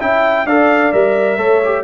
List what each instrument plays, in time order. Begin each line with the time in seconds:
0.00 tuba C#4, trombone E4, horn E5, trumpet G5
0.46 tuba D4, trombone A4, horn D5, trumpet F5
0.92 tuba G3, trombone A#4, trumpet E5
1.38 tuba A3, trombone A4, horn C#5
1.64 trombone G4